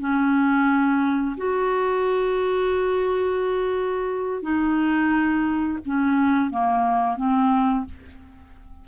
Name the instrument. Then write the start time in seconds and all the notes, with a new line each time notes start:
clarinet
0.00 C#4
1.37 F#4
4.43 D#4
5.86 C#4
6.51 A#3
7.17 C4